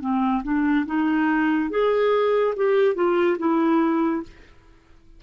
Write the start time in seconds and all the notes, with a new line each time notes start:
0.00 C4
0.43 D4
0.86 D#4
1.70 G#4
2.56 G4
2.95 F4
3.38 E4